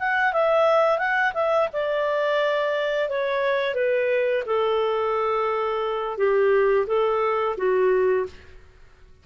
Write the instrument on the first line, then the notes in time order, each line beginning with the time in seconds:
clarinet
0.00 F#5
0.33 E5
0.99 F#5
1.34 E5
1.73 D5
3.10 C#5
3.75 B4
4.46 A4
6.18 G4
6.87 A4
7.57 F#4